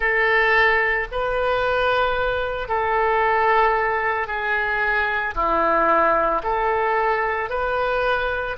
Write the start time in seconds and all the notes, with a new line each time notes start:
0.00 A4
1.12 B4
2.68 A4
4.27 G#4
5.35 E4
6.43 A4
7.50 B4